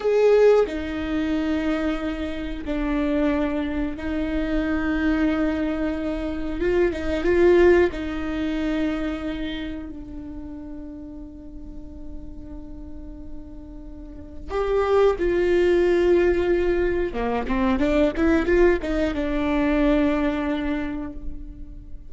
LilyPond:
\new Staff \with { instrumentName = "viola" } { \time 4/4 \tempo 4 = 91 gis'4 dis'2. | d'2 dis'2~ | dis'2 f'8 dis'8 f'4 | dis'2. d'4~ |
d'1~ | d'2 g'4 f'4~ | f'2 ais8 c'8 d'8 e'8 | f'8 dis'8 d'2. | }